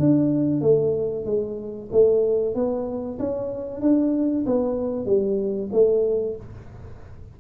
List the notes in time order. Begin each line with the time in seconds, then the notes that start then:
0.00 D4
0.62 A3
1.26 G#3
1.92 A3
2.55 B3
3.20 C#4
3.82 D4
4.47 B3
5.06 G3
5.73 A3